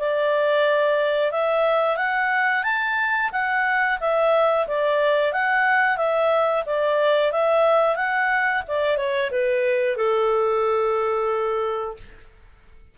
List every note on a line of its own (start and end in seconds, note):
0.00 1.32 D5
1.32 1.97 E5
1.97 2.64 F#5
2.64 3.31 A5
3.32 3.99 F#5
4.01 4.67 E5
4.68 5.33 D5
5.33 5.97 F#5
5.97 6.64 E5
6.66 7.32 D5
7.32 7.96 E5
7.96 8.63 F#5
8.68 8.97 D5
8.97 9.31 C#5
9.31 9.97 B4
9.97 11.97 A4